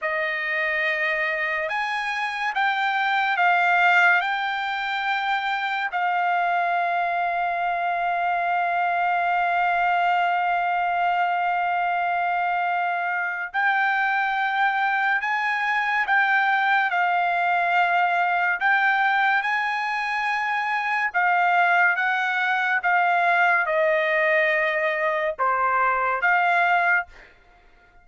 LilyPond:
\new Staff \with { instrumentName = "trumpet" } { \time 4/4 \tempo 4 = 71 dis''2 gis''4 g''4 | f''4 g''2 f''4~ | f''1~ | f''1 |
g''2 gis''4 g''4 | f''2 g''4 gis''4~ | gis''4 f''4 fis''4 f''4 | dis''2 c''4 f''4 | }